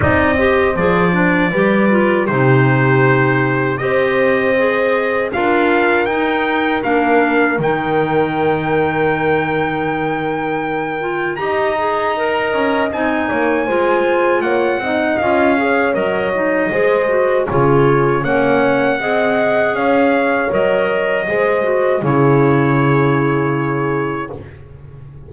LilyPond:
<<
  \new Staff \with { instrumentName = "trumpet" } { \time 4/4 \tempo 4 = 79 dis''4 d''2 c''4~ | c''4 dis''2 f''4 | g''4 f''4 g''2~ | g''2. ais''4~ |
ais''4 gis''2 fis''4 | f''4 dis''2 cis''4 | fis''2 f''4 dis''4~ | dis''4 cis''2. | }
  \new Staff \with { instrumentName = "horn" } { \time 4/4 d''8 c''4. b'4 g'4~ | g'4 c''2 ais'4~ | ais'1~ | ais'2. dis''4~ |
dis''4. cis''8 c''4 cis''8 dis''8~ | dis''8 cis''4. c''4 gis'4 | cis''4 dis''4 cis''2 | c''4 gis'2. | }
  \new Staff \with { instrumentName = "clarinet" } { \time 4/4 dis'8 g'8 gis'8 d'8 g'8 f'8 dis'4~ | dis'4 g'4 gis'4 f'4 | dis'4 d'4 dis'2~ | dis'2~ dis'8 f'8 g'8 gis'8 |
ais'4 dis'4 f'4. dis'8 | f'8 gis'8 ais'8 dis'8 gis'8 fis'8 f'4 | cis'4 gis'2 ais'4 | gis'8 fis'8 e'2. | }
  \new Staff \with { instrumentName = "double bass" } { \time 4/4 c'4 f4 g4 c4~ | c4 c'2 d'4 | dis'4 ais4 dis2~ | dis2. dis'4~ |
dis'8 cis'8 c'8 ais8 gis4 ais8 c'8 | cis'4 fis4 gis4 cis4 | ais4 c'4 cis'4 fis4 | gis4 cis2. | }
>>